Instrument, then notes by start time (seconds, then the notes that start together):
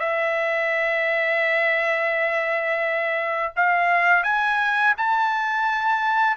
trumpet
0.00 E5
3.56 F5
4.24 G#5
4.97 A5